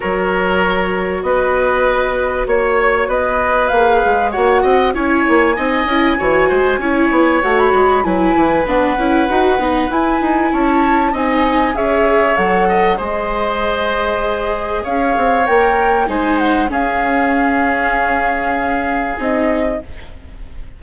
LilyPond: <<
  \new Staff \with { instrumentName = "flute" } { \time 4/4 \tempo 4 = 97 cis''2 dis''2 | cis''4 dis''4 f''4 fis''4 | gis''1 | fis''16 b''8. gis''4 fis''2 |
gis''4 a''4 gis''4 e''4 | fis''4 dis''2. | f''4 g''4 gis''8 fis''8 f''4~ | f''2. dis''4 | }
  \new Staff \with { instrumentName = "oboe" } { \time 4/4 ais'2 b'2 | cis''4 b'2 cis''8 dis''8 | cis''4 dis''4 cis''8 c''8 cis''4~ | cis''4 b'2.~ |
b'4 cis''4 dis''4 cis''4~ | cis''8 dis''8 c''2. | cis''2 c''4 gis'4~ | gis'1 | }
  \new Staff \with { instrumentName = "viola" } { \time 4/4 fis'1~ | fis'2 gis'4 fis'4 | e'4 dis'8 e'8 fis'4 e'4 | fis'4 e'4 d'8 e'8 fis'8 dis'8 |
e'2 dis'4 gis'4 | a'4 gis'2.~ | gis'4 ais'4 dis'4 cis'4~ | cis'2. dis'4 | }
  \new Staff \with { instrumentName = "bassoon" } { \time 4/4 fis2 b2 | ais4 b4 ais8 gis8 ais8 c'8 | cis'8 ais8 c'8 cis'8 e8 gis8 cis'8 b8 | a8 gis8 fis8 e8 b8 cis'8 dis'8 b8 |
e'8 dis'8 cis'4 c'4 cis'4 | fis4 gis2. | cis'8 c'8 ais4 gis4 cis'4~ | cis'2. c'4 | }
>>